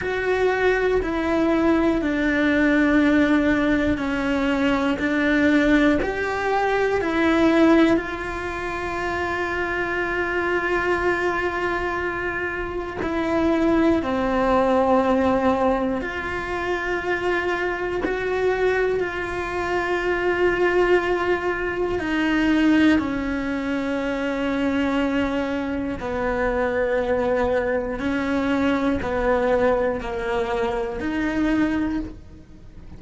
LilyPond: \new Staff \with { instrumentName = "cello" } { \time 4/4 \tempo 4 = 60 fis'4 e'4 d'2 | cis'4 d'4 g'4 e'4 | f'1~ | f'4 e'4 c'2 |
f'2 fis'4 f'4~ | f'2 dis'4 cis'4~ | cis'2 b2 | cis'4 b4 ais4 dis'4 | }